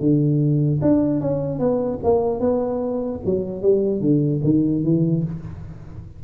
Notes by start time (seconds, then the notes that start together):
0.00 D3
0.81 D4
1.20 C#4
1.59 B3
2.03 A#3
2.40 B3
3.25 F#3
3.62 G3
4.01 D3
4.44 D#3
4.83 E3